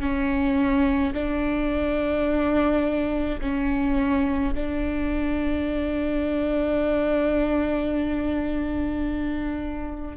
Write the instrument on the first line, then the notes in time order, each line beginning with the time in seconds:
viola
0.00 C#4
1.14 D4
3.41 C#4
4.55 D4